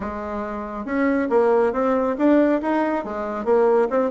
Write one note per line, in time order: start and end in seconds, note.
0.00 0.85 G#3
0.85 1.28 C#4
1.29 1.72 A#3
1.73 2.16 C4
2.17 2.61 D4
2.61 3.04 D#4
3.04 3.45 G#3
3.45 3.88 A#3
3.90 4.10 C4